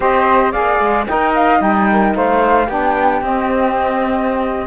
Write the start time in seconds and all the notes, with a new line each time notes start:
0.00 C4 G4 C5 D#5
0.51 A#3 G#4 D5 F5
0.80 G#3
1.06 D#4 A#4 D#5 G5
1.34 F5
1.58 G3 D#4 G5
1.91 A#4
2.14 A3 C5 F5
2.66 B3 D4 G4 G5
3.21 C4 D#5